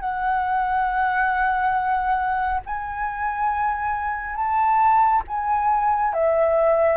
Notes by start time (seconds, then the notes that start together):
0.00 F#5
2.66 G#5
4.36 A5
5.28 G#5
6.14 E5